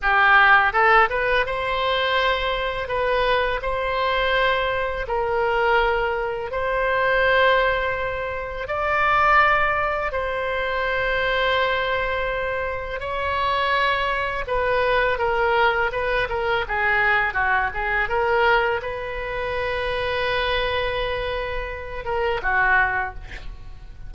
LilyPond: \new Staff \with { instrumentName = "oboe" } { \time 4/4 \tempo 4 = 83 g'4 a'8 b'8 c''2 | b'4 c''2 ais'4~ | ais'4 c''2. | d''2 c''2~ |
c''2 cis''2 | b'4 ais'4 b'8 ais'8 gis'4 | fis'8 gis'8 ais'4 b'2~ | b'2~ b'8 ais'8 fis'4 | }